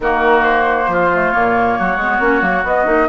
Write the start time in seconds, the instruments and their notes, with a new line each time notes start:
0.00 bassoon D#3, clarinet A#3, oboe F#4, flute A#4
0.43 flute C5
0.87 bassoon F3, oboe F4
1.13 clarinet A3
1.31 bassoon A#2, clarinet A#3, flute C#5
1.78 bassoon F#3, oboe F#4
1.96 bassoon G#3, clarinet B3
2.19 bassoon A#3, clarinet C#4
2.40 bassoon F#3, clarinet A#3
2.63 bassoon B3, clarinet B3, flute D#5
2.85 bassoon A#3, clarinet D#4